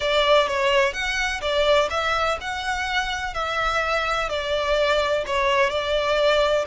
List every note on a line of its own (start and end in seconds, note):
0.00 0.47 D5
0.47 0.93 C#5
0.93 1.40 F#5
1.41 1.88 D5
1.90 2.37 E5
2.40 3.34 F#5
3.34 4.29 E5
4.29 5.24 D5
5.26 5.69 C#5
5.69 6.65 D5